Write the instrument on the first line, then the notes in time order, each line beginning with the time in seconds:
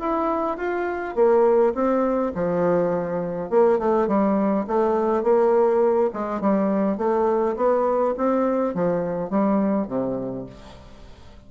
bassoon
0.00 E4
0.58 F4
1.16 A#3
1.74 C4
2.35 F3
3.50 A#3
3.79 A3
4.08 G3
4.68 A3
5.23 A#3
6.14 G#3
6.41 G3
6.98 A3
7.57 B3
8.17 C4
8.75 F3
9.30 G3
9.88 C3